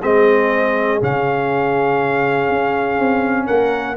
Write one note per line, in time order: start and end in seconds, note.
0.00 1.01 G#3
0.00 1.01 C4
0.00 3.45 G#4
0.00 1.01 D#5
1.01 2.49 C#3
1.01 3.97 C#4
1.01 3.46 F5
2.49 2.98 C#4
2.98 3.48 C4
3.45 3.97 A#3
3.45 3.95 A#4
3.45 3.96 F#5